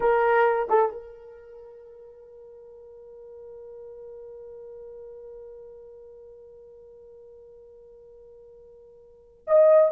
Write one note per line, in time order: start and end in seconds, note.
0.00 0.68 A#4
0.69 0.91 A4
0.91 9.45 A#4
9.47 9.91 D#5